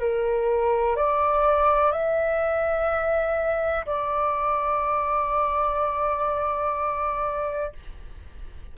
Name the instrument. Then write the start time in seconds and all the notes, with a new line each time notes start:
flute
0.00 A#4
0.96 D5
1.92 E5
3.86 D5